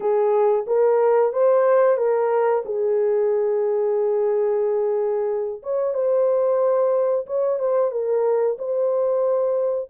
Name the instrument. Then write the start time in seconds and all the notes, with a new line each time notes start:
horn
0.00 G#4
0.66 A#4
1.32 C5
1.97 A#4
2.65 G#4
5.62 C#5
5.93 C5
7.26 C#5
7.59 C5
7.91 A#4
8.58 C5